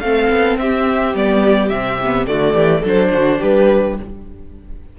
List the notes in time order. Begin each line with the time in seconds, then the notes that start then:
0.00 A3 C4 A4 F5
0.29 B3
0.58 C4 G4 E5
1.14 G3 B3 D5
1.69 C3 C4 E5
2.04 B3
2.27 D3 A3 F#4 D5
2.54 E3 G4
2.80 F#3 D4 A4
2.87 C5
3.12 D3 F#4
3.39 G3 G4 B4